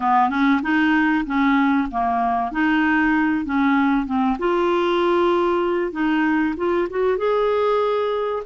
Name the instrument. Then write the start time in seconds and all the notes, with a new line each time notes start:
clarinet
0.00 B3
0.29 C#4
0.62 D#4
1.26 C#4
1.91 A#3
2.51 D#4
3.45 C#4
4.06 C4
4.39 F4
5.92 D#4
6.56 F4
6.89 F#4
7.17 G#4